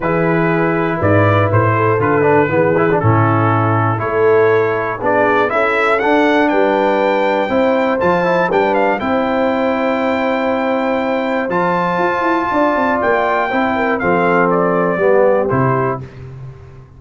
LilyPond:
<<
  \new Staff \with { instrumentName = "trumpet" } { \time 4/4 \tempo 4 = 120 b'2 d''4 c''4 | b'2 a'2 | cis''2 d''4 e''4 | fis''4 g''2. |
a''4 g''8 f''8 g''2~ | g''2. a''4~ | a''2 g''2 | f''4 d''2 c''4 | }
  \new Staff \with { instrumentName = "horn" } { \time 4/4 gis'2 b'4. a'8~ | a'4 gis'4 e'2 | a'2 gis'4 a'4~ | a'4 b'2 c''4~ |
c''4 b'4 c''2~ | c''1~ | c''4 d''2 c''8 ais'8 | a'2 g'2 | }
  \new Staff \with { instrumentName = "trombone" } { \time 4/4 e'1 | f'8 d'8 b8 e'16 d'16 cis'2 | e'2 d'4 e'4 | d'2. e'4 |
f'8 e'8 d'4 e'2~ | e'2. f'4~ | f'2. e'4 | c'2 b4 e'4 | }
  \new Staff \with { instrumentName = "tuba" } { \time 4/4 e2 gis,4 a,4 | d4 e4 a,2 | a2 b4 cis'4 | d'4 g2 c'4 |
f4 g4 c'2~ | c'2. f4 | f'8 e'8 d'8 c'8 ais4 c'4 | f2 g4 c4 | }
>>